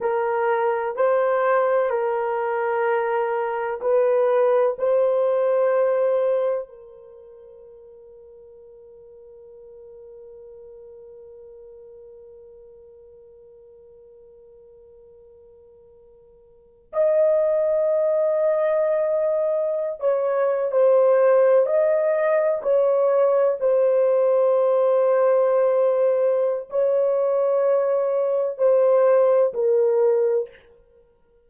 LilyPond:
\new Staff \with { instrumentName = "horn" } { \time 4/4 \tempo 4 = 63 ais'4 c''4 ais'2 | b'4 c''2 ais'4~ | ais'1~ | ais'1~ |
ais'4.~ ais'16 dis''2~ dis''16~ | dis''4 cis''8. c''4 dis''4 cis''16~ | cis''8. c''2.~ c''16 | cis''2 c''4 ais'4 | }